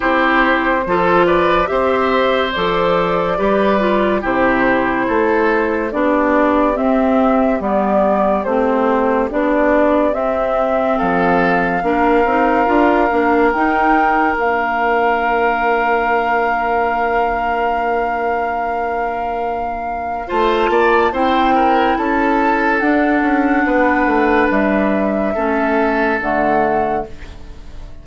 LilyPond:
<<
  \new Staff \with { instrumentName = "flute" } { \time 4/4 \tempo 4 = 71 c''4. d''8 e''4 d''4~ | d''4 c''2 d''4 | e''4 d''4 c''4 d''4 | e''4 f''2. |
g''4 f''2.~ | f''1 | a''4 g''4 a''4 fis''4~ | fis''4 e''2 fis''4 | }
  \new Staff \with { instrumentName = "oboe" } { \time 4/4 g'4 a'8 b'8 c''2 | b'4 g'4 a'4 g'4~ | g'1~ | g'4 a'4 ais'2~ |
ais'1~ | ais'1 | c''8 d''8 c''8 ais'8 a'2 | b'2 a'2 | }
  \new Staff \with { instrumentName = "clarinet" } { \time 4/4 e'4 f'4 g'4 a'4 | g'8 f'8 e'2 d'4 | c'4 b4 c'4 d'4 | c'2 d'8 dis'8 f'8 d'8 |
dis'4 d'2.~ | d'1 | f'4 e'2 d'4~ | d'2 cis'4 a4 | }
  \new Staff \with { instrumentName = "bassoon" } { \time 4/4 c'4 f4 c'4 f4 | g4 c4 a4 b4 | c'4 g4 a4 b4 | c'4 f4 ais8 c'8 d'8 ais8 |
dis'4 ais2.~ | ais1 | a8 ais8 c'4 cis'4 d'8 cis'8 | b8 a8 g4 a4 d4 | }
>>